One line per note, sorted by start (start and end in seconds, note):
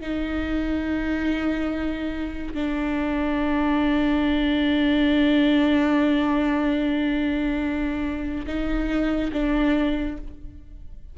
0.00 2.54 D#4
2.54 8.45 D4
8.46 9.31 D#4
9.32 10.17 D4